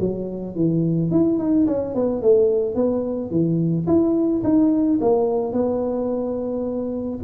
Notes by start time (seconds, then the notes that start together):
0.00 F#3
0.56 E3
1.11 E4
1.39 D#4
1.67 C#4
1.95 B3
2.22 A3
2.76 B3
3.31 E3
3.87 E4
4.44 D#4
5.01 A#3
5.53 B3